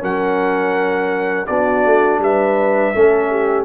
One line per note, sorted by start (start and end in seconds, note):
0.00 1.49 F#3
0.00 1.46 C#4
0.00 1.48 A#4
0.00 1.47 F#5
1.47 1.86 B3
1.47 2.95 D4
1.47 2.21 F#4
1.47 2.20 D5
1.86 2.19 A3
2.19 2.92 G3
2.19 2.96 B4
2.19 3.65 E5
2.95 3.65 A3
2.95 3.65 C#4
2.95 3.31 A4
3.31 3.65 G4